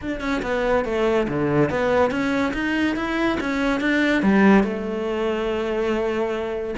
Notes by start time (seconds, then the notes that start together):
0.01 D4
0.20 C#4
0.42 B3
0.85 A3
1.28 D3
1.70 B3
2.10 C#4
2.53 D#4
2.96 E4
3.40 C#4
3.80 D4
4.22 G3
4.63 A3